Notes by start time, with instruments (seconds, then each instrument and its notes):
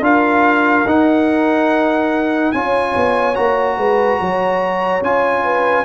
0.00 tuba D4, trombone F4, horn A#4, trumpet F5
0.85 tuba D#4, trombone D#4, trumpet F#5
2.52 tuba C#4, trombone F4, horn C#5, trumpet G#5
2.95 tuba B3
3.34 tuba A#3, trombone F#4, trumpet A#5
3.77 tuba G#3, horn B4
4.20 tuba F#3, horn C#5
5.01 tuba C#4, trombone F4, trumpet G#5
5.43 horn B4